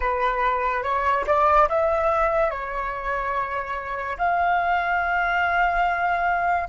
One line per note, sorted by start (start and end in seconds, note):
0.00 0.83 B4
0.83 1.25 C#5
1.27 1.68 D5
1.69 2.50 E5
2.50 4.17 C#5
4.17 6.67 F5